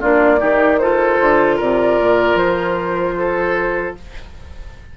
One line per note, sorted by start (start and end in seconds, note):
0.00 0.41 A#3
0.00 0.38 D4
0.00 0.39 F4
0.00 0.79 D5
0.38 1.20 D#3
0.38 0.77 D#4
0.38 0.79 G4
0.79 3.97 F4
0.79 1.56 A4
0.79 1.58 C5
1.20 1.60 D3
1.56 1.99 C3
1.56 3.14 A#4
1.56 2.37 D5
1.99 2.35 A#2
2.35 3.93 F3
2.35 3.95 C5
3.17 3.96 A4